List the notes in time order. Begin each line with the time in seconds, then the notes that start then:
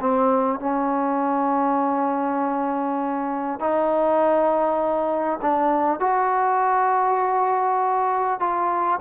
0.00 C4
0.59 C#4
3.59 D#4
5.42 D4
6.00 F#4
8.40 F4